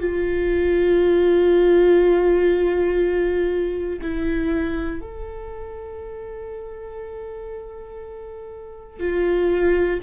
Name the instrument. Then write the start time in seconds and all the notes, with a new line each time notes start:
viola
0.00 F4
4.01 E4
5.01 A4
9.00 F4